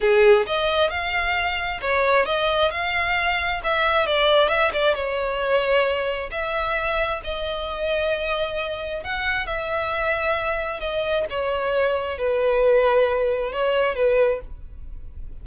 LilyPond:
\new Staff \with { instrumentName = "violin" } { \time 4/4 \tempo 4 = 133 gis'4 dis''4 f''2 | cis''4 dis''4 f''2 | e''4 d''4 e''8 d''8 cis''4~ | cis''2 e''2 |
dis''1 | fis''4 e''2. | dis''4 cis''2 b'4~ | b'2 cis''4 b'4 | }